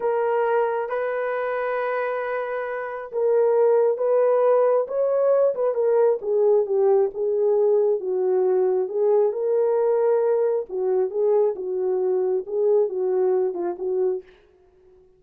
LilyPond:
\new Staff \with { instrumentName = "horn" } { \time 4/4 \tempo 4 = 135 ais'2 b'2~ | b'2. ais'4~ | ais'4 b'2 cis''4~ | cis''8 b'8 ais'4 gis'4 g'4 |
gis'2 fis'2 | gis'4 ais'2. | fis'4 gis'4 fis'2 | gis'4 fis'4. f'8 fis'4 | }